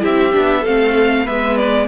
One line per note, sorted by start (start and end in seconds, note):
0.00 0.34 C4
0.00 0.31 E4
0.00 0.61 G4
0.00 0.66 E5
0.32 0.66 B3
0.32 0.63 D4
0.61 1.28 A3
0.61 1.27 C4
0.61 1.23 A4
0.61 1.27 F5
1.25 1.88 G#3
1.25 1.88 B3
1.25 1.87 B4
1.25 1.57 E5
1.57 1.88 D5